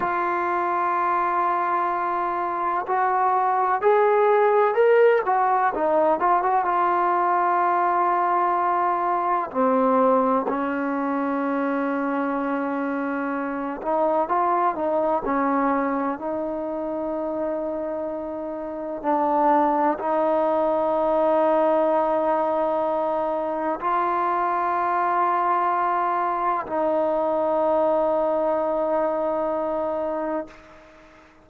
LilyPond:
\new Staff \with { instrumentName = "trombone" } { \time 4/4 \tempo 4 = 63 f'2. fis'4 | gis'4 ais'8 fis'8 dis'8 f'16 fis'16 f'4~ | f'2 c'4 cis'4~ | cis'2~ cis'8 dis'8 f'8 dis'8 |
cis'4 dis'2. | d'4 dis'2.~ | dis'4 f'2. | dis'1 | }